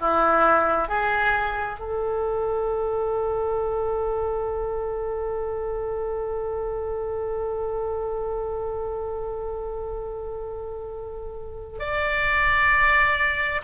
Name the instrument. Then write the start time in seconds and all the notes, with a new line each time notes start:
oboe
0.00 E4
0.88 G#4
1.80 A4
11.79 D5